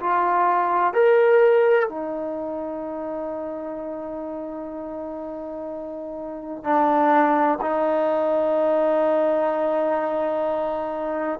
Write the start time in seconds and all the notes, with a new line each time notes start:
0.00 F4
0.94 A#4
1.89 D#4
6.64 D4
7.61 D#4